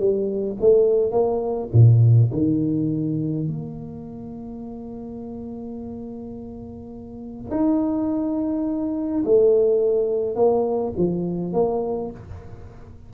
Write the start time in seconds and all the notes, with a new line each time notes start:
0.00 G3
0.61 A3
1.12 A#3
1.74 A#2
2.33 D#3
3.48 A#3
7.51 D#4
9.26 A3
10.36 A#3
10.98 F3
11.53 A#3